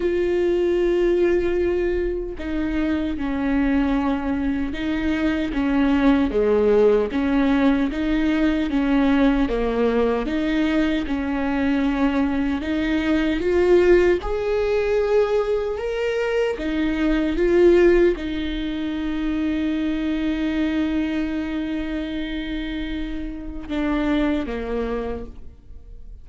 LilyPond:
\new Staff \with { instrumentName = "viola" } { \time 4/4 \tempo 4 = 76 f'2. dis'4 | cis'2 dis'4 cis'4 | gis4 cis'4 dis'4 cis'4 | ais4 dis'4 cis'2 |
dis'4 f'4 gis'2 | ais'4 dis'4 f'4 dis'4~ | dis'1~ | dis'2 d'4 ais4 | }